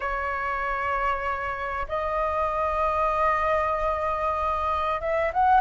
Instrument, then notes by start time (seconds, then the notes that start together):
flute
0.00 C#5
1.88 D#5
5.01 E5
5.33 F#5